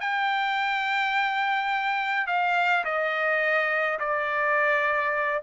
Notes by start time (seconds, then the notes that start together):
0.00 G5
2.27 F5
2.84 D#5
3.99 D5